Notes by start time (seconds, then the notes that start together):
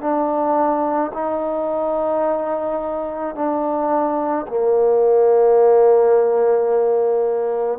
0.00 D4
1.14 D#4
3.35 D4
4.48 A#3